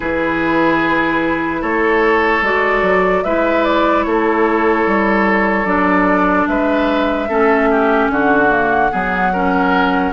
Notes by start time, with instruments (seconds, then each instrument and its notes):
0.00 bassoon E3, clarinet E4, oboe G#4, flute B4
1.61 bassoon A3, oboe A4, flute C#5
2.41 bassoon G#3, clarinet F#4, flute D5
2.82 bassoon F#3
3.23 bassoon G#3, clarinet E4, oboe B4, flute E5
3.64 flute D5
4.03 bassoon A3, oboe A4, flute C#5
4.86 bassoon G3
5.65 bassoon F#3, clarinet D4, flute D5
6.47 bassoon G#3, oboe B4, flute E5
7.28 bassoon A3, clarinet C#4, oboe A4
7.70 oboe G4
8.09 bassoon D3, oboe F#4, flute F#5
8.49 clarinet A#3
8.91 bassoon F#3, clarinet B3, oboe G#4
9.32 clarinet C#4, oboe A#4